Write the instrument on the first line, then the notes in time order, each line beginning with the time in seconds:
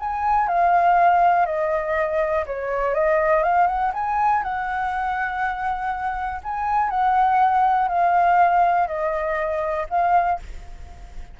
flute
0.00 G#5
0.48 F5
1.46 D#5
2.46 C#5
2.94 D#5
3.43 F5
3.67 F#5
3.94 G#5
4.43 F#5
6.43 G#5
6.90 F#5
7.88 F5
8.87 D#5
9.90 F5